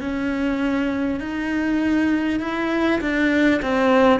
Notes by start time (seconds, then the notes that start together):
0.00 C#4
1.19 D#4
2.40 E4
3.00 D4
3.62 C4